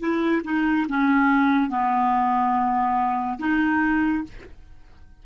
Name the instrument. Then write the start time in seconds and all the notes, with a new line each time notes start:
clarinet
0.00 E4
0.45 D#4
0.89 C#4
1.70 B3
3.40 D#4